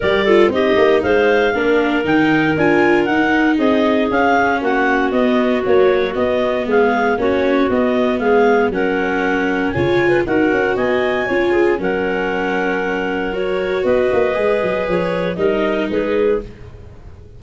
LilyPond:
<<
  \new Staff \with { instrumentName = "clarinet" } { \time 4/4 \tempo 4 = 117 d''4 dis''4 f''2 | g''4 gis''4 fis''4 dis''4 | f''4 fis''4 dis''4 cis''4 | dis''4 f''4 cis''4 dis''4 |
f''4 fis''2 gis''4 | fis''4 gis''2 fis''4~ | fis''2 cis''4 dis''4~ | dis''4 cis''4 dis''4 b'4 | }
  \new Staff \with { instrumentName = "clarinet" } { \time 4/4 ais'8 a'8 g'4 c''4 ais'4~ | ais'2. gis'4~ | gis'4 fis'2.~ | fis'4 gis'4 fis'2 |
gis'4 ais'2 cis''8. b'16 | ais'4 dis''4 cis''8 gis'8 ais'4~ | ais'2. b'4~ | b'2 ais'4 gis'4 | }
  \new Staff \with { instrumentName = "viola" } { \time 4/4 g'8 f'8 dis'2 d'4 | dis'4 f'4 dis'2 | cis'2 b4 fis4 | b2 cis'4 b4~ |
b4 cis'2 f'4 | fis'2 f'4 cis'4~ | cis'2 fis'2 | gis'2 dis'2 | }
  \new Staff \with { instrumentName = "tuba" } { \time 4/4 g4 c'8 ais8 gis4 ais4 | dis4 d'4 dis'4 c'4 | cis'4 ais4 b4 ais4 | b4 gis4 ais4 b4 |
gis4 fis2 cis4 | dis'8 cis'8 b4 cis'4 fis4~ | fis2. b8 ais8 | gis8 fis8 f4 g4 gis4 | }
>>